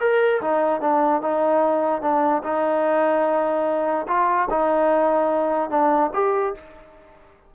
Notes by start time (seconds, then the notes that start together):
0.00 A#4
0.41 D#4
0.81 D4
1.21 D#4
2.01 D4
2.43 D#4
4.07 F4
4.50 D#4
5.70 D4
6.13 G4